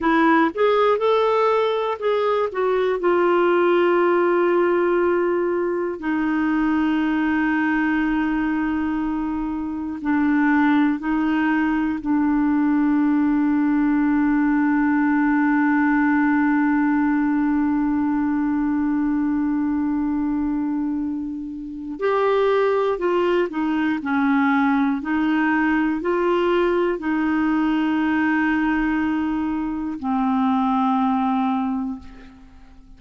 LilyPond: \new Staff \with { instrumentName = "clarinet" } { \time 4/4 \tempo 4 = 60 e'8 gis'8 a'4 gis'8 fis'8 f'4~ | f'2 dis'2~ | dis'2 d'4 dis'4 | d'1~ |
d'1~ | d'2 g'4 f'8 dis'8 | cis'4 dis'4 f'4 dis'4~ | dis'2 c'2 | }